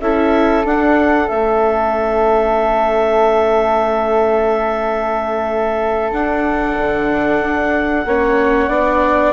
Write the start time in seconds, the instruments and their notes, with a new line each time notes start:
0.00 bassoon C#4, viola E4, flute A4, clarinet E5
0.65 bassoon D4, viola D4, clarinet F#5
1.28 bassoon A3, viola C#4, clarinet E5
6.11 viola D4, bassoon D4, clarinet F#5
6.77 bassoon D3
7.41 bassoon D4
8.05 bassoon A#3, viola C#4, flute C#5
8.68 bassoon B3, viola D4, flute D5